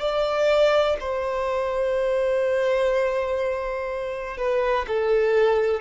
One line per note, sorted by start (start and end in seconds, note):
0.00 0.97 D5
1.00 4.38 C5
4.38 4.86 B4
4.88 5.81 A4